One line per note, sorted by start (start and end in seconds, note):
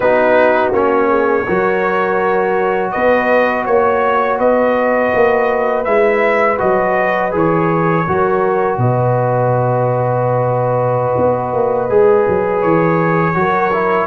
0.00 0.72 B3
0.00 0.73 D#4
0.00 1.08 F#4
0.00 0.72 B4
0.72 1.45 A#3
0.72 1.46 C#4
0.72 2.91 C#5
1.08 1.45 G#4
1.47 2.94 F#3
1.47 5.86 F#4
1.47 2.92 A#4
2.91 3.66 B3
2.91 3.65 B4
2.91 3.64 D#5
3.65 4.39 A#3
3.65 4.38 C#5
4.38 5.12 B3
4.38 8.04 B4
4.38 5.84 D#5
5.14 5.86 A#3
5.84 6.59 G#3
5.84 6.57 E4
5.84 6.57 E5
6.57 7.34 F#3
6.57 7.31 F#4
6.57 7.32 D#5
7.31 8.07 E3
7.31 8.04 G#4
7.31 8.78 C#5
8.07 8.77 F#3
8.07 11.89 F#4
8.07 8.79 A#4
8.77 11.15 B2
8.77 13.36 B4
8.77 12.61 D#5
11.17 11.53 B3
11.53 11.89 A#3
11.89 12.26 G#3
11.89 13.34 G#4
12.28 12.63 F#3
12.61 13.35 E3
12.61 14.06 C#5
13.34 14.06 F#3
13.34 13.71 F#4
13.34 14.06 A#4
13.72 14.06 E4